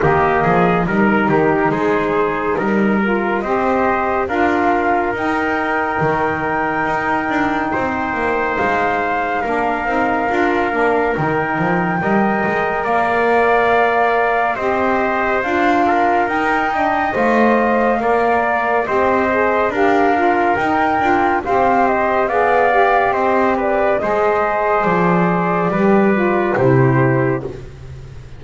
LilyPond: <<
  \new Staff \with { instrumentName = "flute" } { \time 4/4 \tempo 4 = 70 dis''4 ais'4 c''4 ais'4 | dis''4 f''4 g''2~ | g''2 f''2~ | f''4 g''2 f''4~ |
f''4 dis''4 f''4 g''4 | f''2 dis''4 f''4 | g''4 f''8 dis''8 f''4 dis''8 d''8 | dis''4 d''2 c''4 | }
  \new Staff \with { instrumentName = "trumpet" } { \time 4/4 g'8 gis'8 ais'8 g'8 gis'4 ais'4 | c''4 ais'2.~ | ais'4 c''2 ais'4~ | ais'2 dis''4 d''4~ |
d''4 c''4. ais'4 dis''8~ | dis''4 d''4 c''4 ais'4~ | ais'4 c''4 d''4 c''8 b'8 | c''2 b'4 g'4 | }
  \new Staff \with { instrumentName = "saxophone" } { \time 4/4 ais4 dis'2~ dis'8 f'8 | g'4 f'4 dis'2~ | dis'2. d'8 dis'8 | f'8 d'8 dis'4 ais'2~ |
ais'4 g'4 f'4 dis'8 d'8 | c''4 ais'4 g'8 gis'8 g'8 f'8 | dis'8 f'8 g'4 gis'8 g'4. | gis'2 g'8 f'8 e'4 | }
  \new Staff \with { instrumentName = "double bass" } { \time 4/4 dis8 f8 g8 dis8 gis4 g4 | c'4 d'4 dis'4 dis4 | dis'8 d'8 c'8 ais8 gis4 ais8 c'8 | d'8 ais8 dis8 f8 g8 gis8 ais4~ |
ais4 c'4 d'4 dis'4 | a4 ais4 c'4 d'4 | dis'8 d'8 c'4 b4 c'4 | gis4 f4 g4 c4 | }
>>